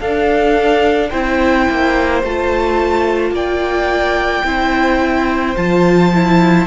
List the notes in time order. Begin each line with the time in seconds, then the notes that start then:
0.00 D4 A4 F5
1.10 C4 E4 C5 G5
1.70 A#3
2.23 A3 F4 A5
3.31 A#3 D5 G5
4.44 C4 E4 C5
5.57 F3 F4 A5
6.14 E4